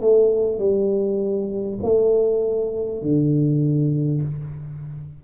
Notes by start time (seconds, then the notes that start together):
0.00 A3
0.58 G3
1.82 A3
3.01 D3